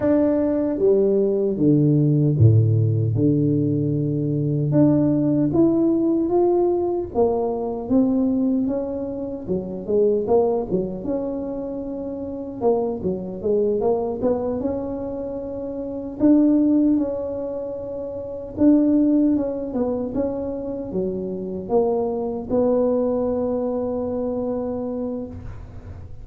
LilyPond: \new Staff \with { instrumentName = "tuba" } { \time 4/4 \tempo 4 = 76 d'4 g4 d4 a,4 | d2 d'4 e'4 | f'4 ais4 c'4 cis'4 | fis8 gis8 ais8 fis8 cis'2 |
ais8 fis8 gis8 ais8 b8 cis'4.~ | cis'8 d'4 cis'2 d'8~ | d'8 cis'8 b8 cis'4 fis4 ais8~ | ais8 b2.~ b8 | }